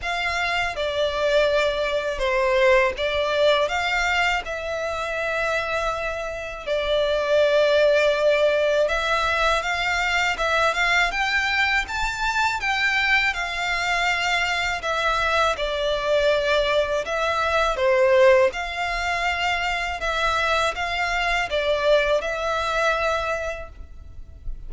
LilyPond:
\new Staff \with { instrumentName = "violin" } { \time 4/4 \tempo 4 = 81 f''4 d''2 c''4 | d''4 f''4 e''2~ | e''4 d''2. | e''4 f''4 e''8 f''8 g''4 |
a''4 g''4 f''2 | e''4 d''2 e''4 | c''4 f''2 e''4 | f''4 d''4 e''2 | }